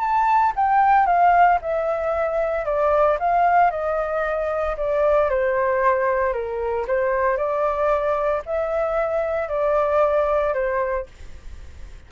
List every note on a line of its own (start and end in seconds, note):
0.00 0.53 A5
0.56 1.06 G5
1.06 1.59 F5
1.61 2.66 E5
2.66 3.18 D5
3.20 3.71 F5
3.71 4.76 D#5
4.77 5.30 D5
5.30 6.33 C5
6.33 6.86 A#4
6.88 7.37 C5
7.37 8.43 D5
8.46 9.49 E5
9.49 10.54 D5
10.54 11.06 C5